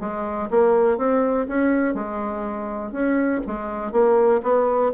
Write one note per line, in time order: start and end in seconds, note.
0.00 0.49 G#3
0.51 0.97 A#3
0.97 1.47 C4
1.48 1.94 C#4
1.94 2.92 G#3
2.92 3.41 C#4
3.47 3.92 G#3
3.92 4.41 A#3
4.43 4.92 B3